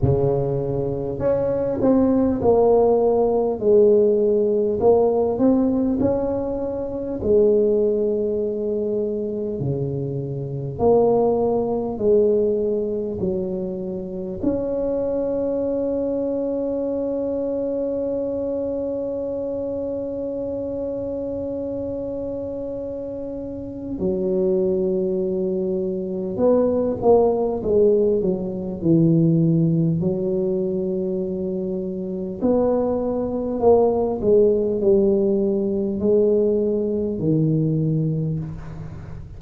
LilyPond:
\new Staff \with { instrumentName = "tuba" } { \time 4/4 \tempo 4 = 50 cis4 cis'8 c'8 ais4 gis4 | ais8 c'8 cis'4 gis2 | cis4 ais4 gis4 fis4 | cis'1~ |
cis'1 | fis2 b8 ais8 gis8 fis8 | e4 fis2 b4 | ais8 gis8 g4 gis4 dis4 | }